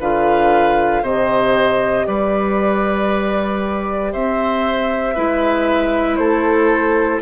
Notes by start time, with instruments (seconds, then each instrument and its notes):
0.00 bassoon D3, clarinet F4, oboe B4, flute F5
1.02 bassoon C3, clarinet G4, oboe C5, flute D#5
2.07 bassoon G3, oboe B4, flute D5
4.12 bassoon C4, oboe C5, flute E5
5.15 bassoon G#3, clarinet E4, oboe B4
6.16 bassoon A3, oboe A4, flute C5